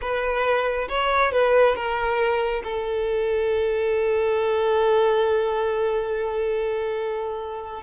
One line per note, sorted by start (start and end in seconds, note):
0.01 0.88 B4
0.88 1.32 C#5
1.32 1.75 B4
1.75 2.62 A#4
2.64 7.82 A4